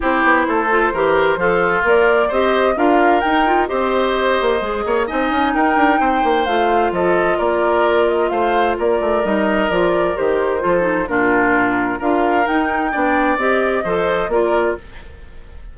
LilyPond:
<<
  \new Staff \with { instrumentName = "flute" } { \time 4/4 \tempo 4 = 130 c''1 | d''4 dis''4 f''4 g''4 | dis''2. gis''4 | g''2 f''4 dis''4 |
d''4. dis''8 f''4 d''4 | dis''4 d''4 c''2 | ais'2 f''4 g''4~ | g''4 dis''2 d''4 | }
  \new Staff \with { instrumentName = "oboe" } { \time 4/4 g'4 a'4 ais'4 f'4~ | f'4 c''4 ais'2 | c''2~ c''8 cis''8 dis''4 | ais'4 c''2 a'4 |
ais'2 c''4 ais'4~ | ais'2. a'4 | f'2 ais'2 | d''2 c''4 ais'4 | }
  \new Staff \with { instrumentName = "clarinet" } { \time 4/4 e'4. f'8 g'4 a'4 | ais'4 g'4 f'4 dis'8 f'8 | g'2 gis'4 dis'4~ | dis'2 f'2~ |
f'1 | dis'4 f'4 g'4 f'8 dis'8 | d'2 f'4 dis'4 | d'4 g'4 a'4 f'4 | }
  \new Staff \with { instrumentName = "bassoon" } { \time 4/4 c'8 b8 a4 e4 f4 | ais4 c'4 d'4 dis'4 | c'4. ais8 gis8 ais8 c'8 cis'8 | dis'8 d'8 c'8 ais8 a4 f4 |
ais2 a4 ais8 a8 | g4 f4 dis4 f4 | ais,2 d'4 dis'4 | b4 c'4 f4 ais4 | }
>>